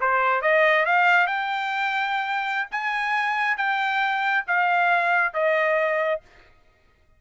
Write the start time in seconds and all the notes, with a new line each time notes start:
0.00 C5
0.41 D#5
0.85 F5
1.26 G5
2.71 G#5
3.57 G5
4.47 F5
5.33 D#5